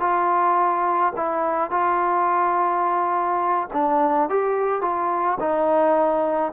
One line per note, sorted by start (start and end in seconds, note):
0.00 1.13 F4
1.16 1.71 E4
1.71 3.69 F4
3.73 4.29 D4
4.29 4.82 G4
4.82 5.38 F4
5.40 6.52 D#4